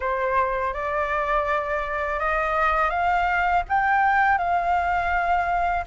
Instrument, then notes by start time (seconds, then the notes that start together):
flute
0.00 C5
0.73 D5
2.19 D#5
2.90 F5
3.69 G5
4.38 F5